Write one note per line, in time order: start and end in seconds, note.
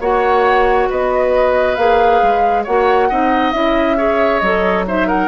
0.00 0.88 A#3
0.00 1.77 F#4
0.00 0.89 C#5
0.00 0.90 F#5
0.90 1.77 B3
0.90 2.64 B4
0.90 1.75 D#5
1.75 2.21 A#3
1.75 2.66 G#4
1.75 2.63 F5
2.22 2.66 G#3
2.64 3.11 A#3
2.64 3.10 F#4
2.64 3.08 C#5
2.64 3.52 F#5
3.09 3.53 C4
3.09 3.53 D#4
3.09 3.97 D#5
3.52 4.41 C#4
3.52 3.97 E4
3.52 4.40 E5
3.97 4.41 G#4
3.97 4.85 C#5
4.40 5.28 F#3
4.40 4.87 A4
4.40 4.84 D#5
4.87 5.28 D#4
4.87 5.08 C5
4.87 5.09 E5
5.08 5.28 A#4
5.08 5.28 F#5